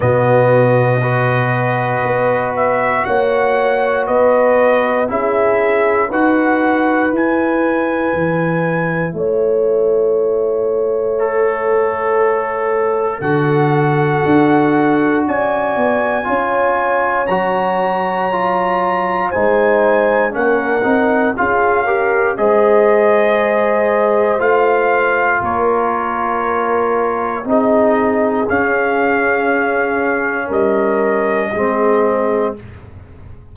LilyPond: <<
  \new Staff \with { instrumentName = "trumpet" } { \time 4/4 \tempo 4 = 59 dis''2~ dis''8 e''8 fis''4 | dis''4 e''4 fis''4 gis''4~ | gis''4 e''2.~ | e''4 fis''2 gis''4~ |
gis''4 ais''2 gis''4 | fis''4 f''4 dis''2 | f''4 cis''2 dis''4 | f''2 dis''2 | }
  \new Staff \with { instrumentName = "horn" } { \time 4/4 fis'4 b'2 cis''4 | b'4 gis'4 b'2~ | b'4 cis''2.~ | cis''4 a'2 d''4 |
cis''2. c''4 | ais'4 gis'8 ais'8 c''2~ | c''4 ais'2 gis'4~ | gis'2 ais'4 gis'4 | }
  \new Staff \with { instrumentName = "trombone" } { \time 4/4 b4 fis'2.~ | fis'4 e'4 fis'4 e'4~ | e'2. a'4~ | a'4 fis'2. |
f'4 fis'4 f'4 dis'4 | cis'8 dis'8 f'8 g'8 gis'2 | f'2. dis'4 | cis'2. c'4 | }
  \new Staff \with { instrumentName = "tuba" } { \time 4/4 b,2 b4 ais4 | b4 cis'4 dis'4 e'4 | e4 a2.~ | a4 d4 d'4 cis'8 b8 |
cis'4 fis2 gis4 | ais8 c'8 cis'4 gis2 | a4 ais2 c'4 | cis'2 g4 gis4 | }
>>